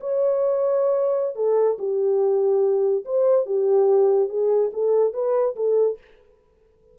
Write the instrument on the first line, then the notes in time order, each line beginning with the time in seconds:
horn
0.00 C#5
1.35 A4
1.79 G4
3.05 C5
3.45 G4
4.29 G#4
4.73 A4
5.13 B4
5.56 A4